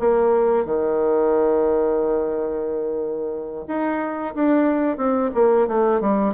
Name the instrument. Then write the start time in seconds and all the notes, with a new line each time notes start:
bassoon
0.00 A#3
0.66 D#3
3.68 D#4
4.35 D4
4.98 C4
5.35 A#3
5.68 A3
6.02 G3